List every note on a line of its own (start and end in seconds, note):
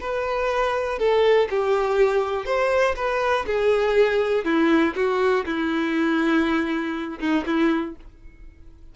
0.00 0.98 B4
0.98 1.48 A4
1.50 2.45 G4
2.45 2.95 C5
2.96 3.45 B4
3.46 4.44 G#4
4.44 4.94 E4
4.95 5.45 F#4
5.45 7.19 E4
7.19 7.44 D#4
7.46 7.95 E4